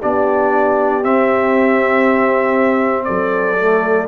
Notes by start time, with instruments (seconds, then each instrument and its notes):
0.00 tuba B3, trombone D4, horn G4, trumpet D5
1.03 trombone C4, tuba C4, trumpet E5
3.05 tuba F#3, horn A4, trumpet D5
3.58 trombone A3